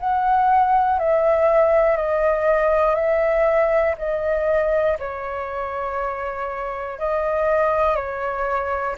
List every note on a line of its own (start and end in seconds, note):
0.00 1.00 F#5
1.00 1.97 E5
1.97 2.95 D#5
2.95 3.95 E5
3.98 4.98 D#5
5.00 6.99 C#5
6.99 7.96 D#5
7.96 8.96 C#5